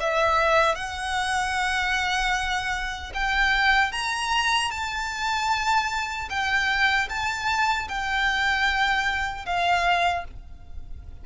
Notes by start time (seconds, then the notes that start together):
0.00 E5
0.75 F#5
3.14 G5
3.92 A#5
4.71 A5
6.29 G5
7.09 A5
7.88 G5
9.46 F5